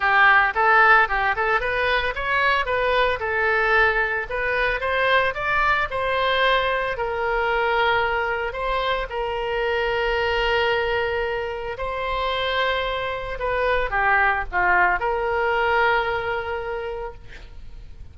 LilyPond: \new Staff \with { instrumentName = "oboe" } { \time 4/4 \tempo 4 = 112 g'4 a'4 g'8 a'8 b'4 | cis''4 b'4 a'2 | b'4 c''4 d''4 c''4~ | c''4 ais'2. |
c''4 ais'2.~ | ais'2 c''2~ | c''4 b'4 g'4 f'4 | ais'1 | }